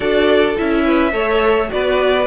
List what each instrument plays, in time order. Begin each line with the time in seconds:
0.00 cello D4, viola F#4, violin A4 D5
0.56 cello C#4, viola E4, violin E5
0.84 violin B4
1.12 cello A3, viola A4, violin C#5
1.69 cello B3, viola F#4, violin B4 D5